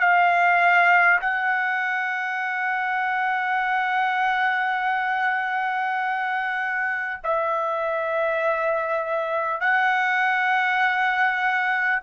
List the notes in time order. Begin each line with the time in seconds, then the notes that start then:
0.00 F5
1.21 F#5
7.24 E5
9.61 F#5